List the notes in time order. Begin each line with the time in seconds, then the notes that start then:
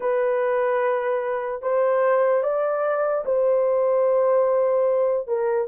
0.00 B4
1.62 C5
2.43 D5
3.25 C5
5.27 A#4